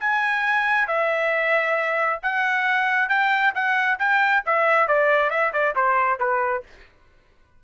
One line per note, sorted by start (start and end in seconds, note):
0.00 0.88 G#5
0.88 2.20 E5
2.23 3.09 F#5
3.09 3.54 G5
3.55 3.99 F#5
4.00 4.44 G5
4.46 4.88 E5
4.88 5.31 D5
5.31 5.53 E5
5.53 5.75 D5
5.76 6.20 C5
6.20 6.64 B4